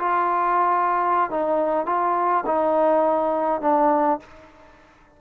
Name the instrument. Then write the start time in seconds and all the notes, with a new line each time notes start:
trombone
0.00 F4
1.31 D#4
1.87 F4
2.47 D#4
3.62 D4